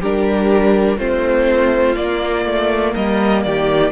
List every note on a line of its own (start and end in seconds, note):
0.00 0.97 G3
0.00 0.97 D4
0.00 0.98 G4
0.00 0.98 A#4
0.97 1.95 A3
0.97 1.96 C4
0.97 2.93 F4
0.97 1.95 C5
1.95 2.45 A#3
1.95 3.91 A#3
1.95 2.94 D5
2.45 2.94 A3
2.93 3.44 G3
2.93 3.43 A#4
2.93 3.43 D#5
3.43 3.91 D#3
3.43 3.91 G4
3.43 3.91 D5